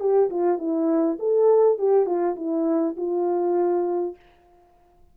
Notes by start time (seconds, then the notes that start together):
0.00 G4
0.30 F4
0.59 E4
1.19 A4
1.78 G4
2.06 F4
2.36 E4
2.97 F4